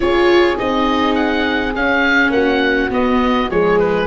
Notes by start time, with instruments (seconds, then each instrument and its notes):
0.00 tuba C#4, viola F4, horn G#4, oboe C#5
0.57 tuba C4, viola D#4, oboe D#5
1.15 oboe F#5
1.75 tuba C#4, viola C#4, oboe F5
2.29 tuba A#3, horn F#4, oboe F#5
2.90 viola B3, tuba B3, oboe D#5
3.50 tuba F3, viola G#3, horn G#4, oboe C#5
3.79 oboe B4